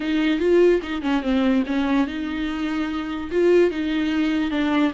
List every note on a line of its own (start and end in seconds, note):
0.00 0.39 D#4
0.39 0.80 F4
0.82 1.02 D#4
1.02 1.22 C#4
1.22 1.63 C4
1.66 2.07 C#4
2.07 3.30 D#4
3.31 3.70 F4
3.70 4.51 D#4
4.51 4.92 D4